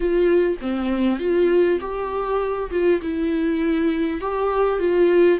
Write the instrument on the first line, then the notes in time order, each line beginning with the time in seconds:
viola
0.00 F4
0.61 C4
1.19 F4
1.80 G4
2.70 F4
3.01 E4
4.21 G4
4.79 F4